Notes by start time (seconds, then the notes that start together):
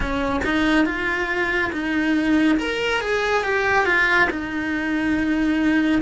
0.00 C#4
0.44 D#4
0.85 F4
1.72 D#4
2.58 A#4
3.00 G#4
3.43 G4
3.85 F4
4.30 D#4